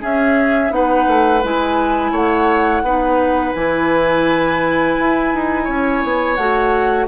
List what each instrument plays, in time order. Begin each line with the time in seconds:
0.00 clarinet C#4, bassoon C#4, oboe G#4, flute E5
0.69 bassoon B3, clarinet D#4, oboe B4, flute F#5
1.07 bassoon A3
1.43 bassoon G#3, clarinet E4, flute G#5
2.11 bassoon A3, oboe C#5, flute F#5
2.82 bassoon B3, clarinet D#4, oboe B4
3.52 bassoon E3, clarinet E4, flute G#5
4.98 bassoon E4
5.34 bassoon D#4
5.64 bassoon C#4, oboe C#5
6.03 bassoon B3
6.35 bassoon A3, clarinet F#4, flute F#5